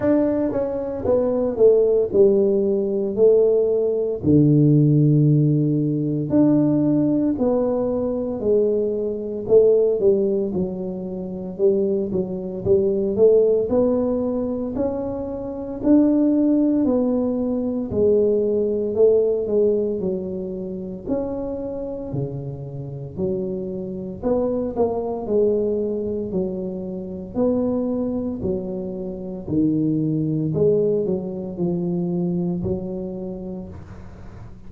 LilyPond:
\new Staff \with { instrumentName = "tuba" } { \time 4/4 \tempo 4 = 57 d'8 cis'8 b8 a8 g4 a4 | d2 d'4 b4 | gis4 a8 g8 fis4 g8 fis8 | g8 a8 b4 cis'4 d'4 |
b4 gis4 a8 gis8 fis4 | cis'4 cis4 fis4 b8 ais8 | gis4 fis4 b4 fis4 | dis4 gis8 fis8 f4 fis4 | }